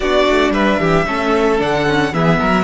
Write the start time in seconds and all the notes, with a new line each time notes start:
0.00 B3 D4 F#4 D5
0.30 A3
0.49 G3 B4 E5
0.79 E3 G4
1.06 A3 C#4 A4
1.58 D3 D4 F#5
1.87 C#4
2.12 E3 B3 G#4 E5
2.38 F#3 A#4